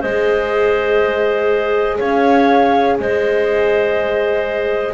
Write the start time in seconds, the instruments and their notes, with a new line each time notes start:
0.00 double bass G#3, horn G#4, clarinet C5, flute D#5
1.98 double bass C#4, clarinet C#5, flute F5
2.99 double bass G#3, clarinet C5, flute D#5